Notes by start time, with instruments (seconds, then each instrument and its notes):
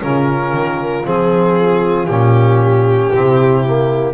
0.00 double bass C#3, trombone C#4, horn F4, violin A#4
0.53 double bass D#3
1.04 double bass F3, trombone C4, violin G#4
2.06 double bass A#2, trombone C#4, violin G4
3.11 double bass C3, trombone C4, horn E4
3.65 trombone A#3